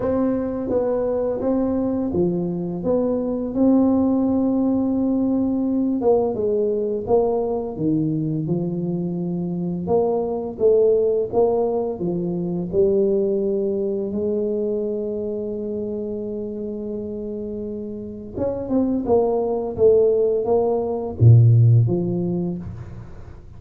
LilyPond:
\new Staff \with { instrumentName = "tuba" } { \time 4/4 \tempo 4 = 85 c'4 b4 c'4 f4 | b4 c'2.~ | c'8 ais8 gis4 ais4 dis4 | f2 ais4 a4 |
ais4 f4 g2 | gis1~ | gis2 cis'8 c'8 ais4 | a4 ais4 ais,4 f4 | }